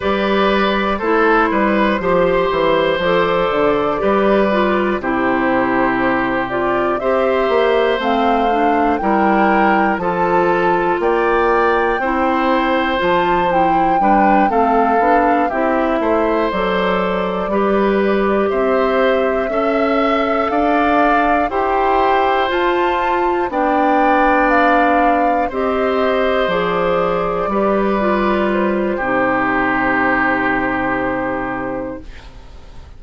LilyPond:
<<
  \new Staff \with { instrumentName = "flute" } { \time 4/4 \tempo 4 = 60 d''4 c''2 d''4~ | d''4 c''4. d''8 e''4 | f''4 g''4 a''4 g''4~ | g''4 a''8 g''4 f''4 e''8~ |
e''8 d''2 e''4.~ | e''8 f''4 g''4 a''4 g''8~ | g''8 f''4 dis''4 d''4.~ | d''8 c''2.~ c''8 | }
  \new Staff \with { instrumentName = "oboe" } { \time 4/4 b'4 a'8 b'8 c''2 | b'4 g'2 c''4~ | c''4 ais'4 a'4 d''4 | c''2 b'8 a'4 g'8 |
c''4. b'4 c''4 e''8~ | e''8 d''4 c''2 d''8~ | d''4. c''2 b'8~ | b'4 g'2. | }
  \new Staff \with { instrumentName = "clarinet" } { \time 4/4 g'4 e'4 g'4 a'4 | g'8 f'8 e'4. f'8 g'4 | c'8 d'8 e'4 f'2 | e'4 f'8 e'8 d'8 c'8 d'8 e'8~ |
e'8 a'4 g'2 a'8~ | a'4. g'4 f'4 d'8~ | d'4. g'4 gis'4 g'8 | f'4 dis'2. | }
  \new Staff \with { instrumentName = "bassoon" } { \time 4/4 g4 a8 g8 f8 e8 f8 d8 | g4 c2 c'8 ais8 | a4 g4 f4 ais4 | c'4 f4 g8 a8 b8 c'8 |
a8 fis4 g4 c'4 cis'8~ | cis'8 d'4 e'4 f'4 b8~ | b4. c'4 f4 g8~ | g4 c2. | }
>>